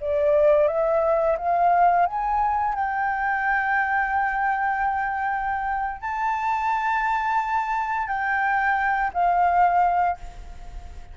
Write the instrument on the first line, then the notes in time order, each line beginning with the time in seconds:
flute
0.00 D5
0.67 E5
1.37 F5
2.06 G#5
2.74 G5
6.01 A5
8.07 G5
9.13 F5